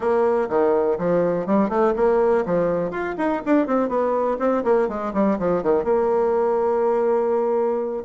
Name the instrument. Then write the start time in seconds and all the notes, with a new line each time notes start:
bassoon
0.00 A#3
0.49 D#3
0.98 F3
1.46 G3
1.69 A3
1.95 A#3
2.45 F3
2.90 F4
3.17 D#4
3.45 D4
3.67 C4
3.88 B3
4.39 C4
4.64 A#3
4.88 G#3
5.13 G3
5.38 F3
5.63 D#3
5.84 A#3